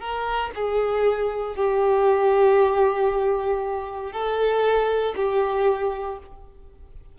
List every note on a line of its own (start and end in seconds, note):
0.00 0.51 A#4
0.55 1.56 G#4
1.56 4.12 G4
4.12 5.15 A4
5.16 6.19 G4